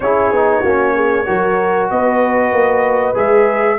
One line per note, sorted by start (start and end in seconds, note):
0.00 0.31 C#4
0.00 0.34 E4
0.00 0.60 G#4
0.00 1.89 C#5
0.31 0.63 B3
0.31 0.65 D#4
0.60 1.27 A#3
0.60 1.25 C#4
0.60 0.92 F#4
0.94 1.26 G#4
1.25 1.91 F#3
1.25 3.14 F#4
1.25 1.91 A#4
1.90 2.52 B3
1.90 3.78 B4
1.90 3.16 D#5
2.52 3.15 A#3
3.14 3.78 G#3
3.14 3.77 G#4
3.14 3.78 E5